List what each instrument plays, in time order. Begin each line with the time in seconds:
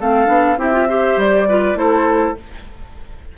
0.00 bassoon A3, clarinet C4, oboe A4, flute F5
0.26 bassoon B3, clarinet D4
0.57 bassoon C4, clarinet E4, oboe G4, flute E5
0.73 clarinet F4
0.89 clarinet G4, oboe C5
1.17 bassoon G3, flute D5
1.48 clarinet F4, oboe B4
1.75 bassoon A3, clarinet E4, oboe A4, flute C5